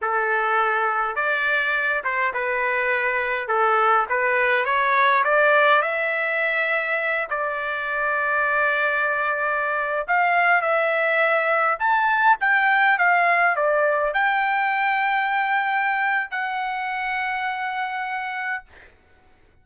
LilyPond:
\new Staff \with { instrumentName = "trumpet" } { \time 4/4 \tempo 4 = 103 a'2 d''4. c''8 | b'2 a'4 b'4 | cis''4 d''4 e''2~ | e''8 d''2.~ d''8~ |
d''4~ d''16 f''4 e''4.~ e''16~ | e''16 a''4 g''4 f''4 d''8.~ | d''16 g''2.~ g''8. | fis''1 | }